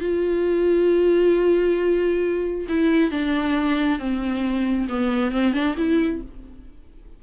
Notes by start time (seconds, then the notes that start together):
0.00 F4
2.68 E4
3.11 D4
3.99 C4
4.89 B3
5.31 C4
5.53 D4
5.77 E4